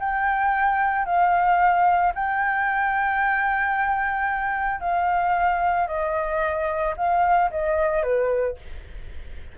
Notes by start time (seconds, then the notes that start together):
0.00 G5
1.06 F5
2.15 G5
4.81 F5
5.88 D#5
6.97 F5
7.51 D#5
8.03 B4